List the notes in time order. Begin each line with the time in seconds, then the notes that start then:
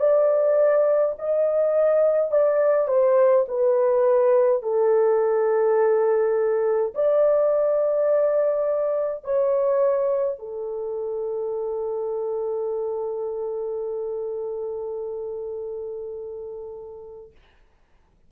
0.00 D5
1.19 D#5
2.31 D5
2.88 C5
3.48 B4
4.63 A4
6.94 D5
9.24 C#5
10.39 A4